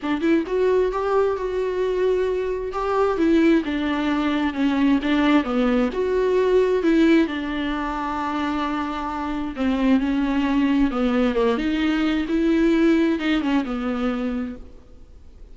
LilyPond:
\new Staff \with { instrumentName = "viola" } { \time 4/4 \tempo 4 = 132 d'8 e'8 fis'4 g'4 fis'4~ | fis'2 g'4 e'4 | d'2 cis'4 d'4 | b4 fis'2 e'4 |
d'1~ | d'4 c'4 cis'2 | b4 ais8 dis'4. e'4~ | e'4 dis'8 cis'8 b2 | }